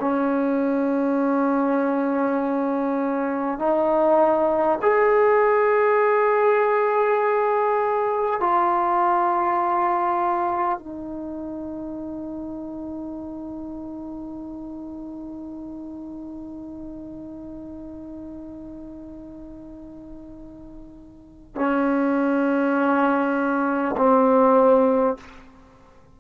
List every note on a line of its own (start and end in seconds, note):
0.00 3.58 C#4
3.58 4.78 D#4
4.82 8.41 G#4
8.41 10.78 F4
10.78 21.56 D#4
21.56 23.96 C#4
23.97 25.17 C4